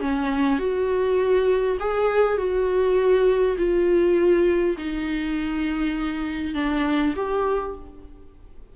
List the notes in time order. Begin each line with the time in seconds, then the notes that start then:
0.00 C#4
0.59 F#4
1.79 G#4
2.37 F#4
3.57 F4
4.77 D#4
6.54 D4
7.16 G4